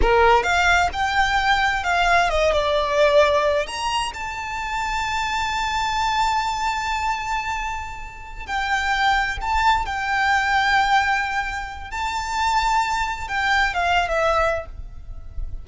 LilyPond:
\new Staff \with { instrumentName = "violin" } { \time 4/4 \tempo 4 = 131 ais'4 f''4 g''2 | f''4 dis''8 d''2~ d''8 | ais''4 a''2.~ | a''1~ |
a''2~ a''8 g''4.~ | g''8 a''4 g''2~ g''8~ | g''2 a''2~ | a''4 g''4 f''8. e''4~ e''16 | }